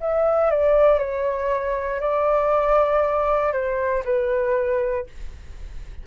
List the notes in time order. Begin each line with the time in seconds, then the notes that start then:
0.00 E5
0.50 D5
0.98 C#5
2.00 D5
3.52 C5
4.04 B4